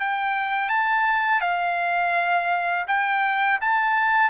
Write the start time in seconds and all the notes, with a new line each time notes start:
0.00 G5
0.69 A5
1.41 F5
2.88 G5
3.61 A5